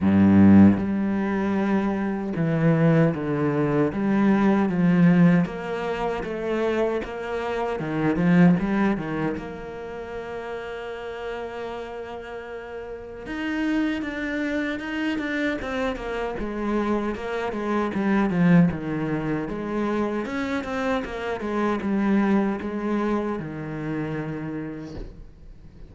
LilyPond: \new Staff \with { instrumentName = "cello" } { \time 4/4 \tempo 4 = 77 g,4 g2 e4 | d4 g4 f4 ais4 | a4 ais4 dis8 f8 g8 dis8 | ais1~ |
ais4 dis'4 d'4 dis'8 d'8 | c'8 ais8 gis4 ais8 gis8 g8 f8 | dis4 gis4 cis'8 c'8 ais8 gis8 | g4 gis4 dis2 | }